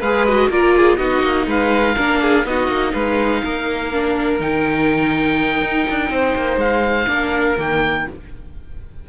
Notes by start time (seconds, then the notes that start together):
0.00 G#3 G#4 B4 F5
0.26 F#4 D#5
0.49 A#3 F4 A#4 D5
0.77 G#4
0.97 B3 D#4 F#4 D#5
1.23 A#3
1.47 G#3 B4 F5
1.95 A#3 D4 A#4
2.21 G#4
2.45 B3 D#4 F#4 D#5
2.68 A#3
2.93 G#3 B4 F5
3.44 A#3 A#4
3.92 D4
4.40 D#3 D#4 G5
5.61 D#4
5.90 D4
6.10 C4 C5
6.36 A#3
6.57 G#3 F5
7.07 A#3 D4 A#4
7.58 D#3 A#3 G5